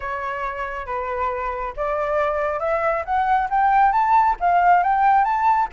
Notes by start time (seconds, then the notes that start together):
0.00 C#5
0.86 B4
1.76 D5
2.59 E5
3.05 F#5
3.49 G5
3.92 A5
4.40 F5
4.83 G5
5.24 A5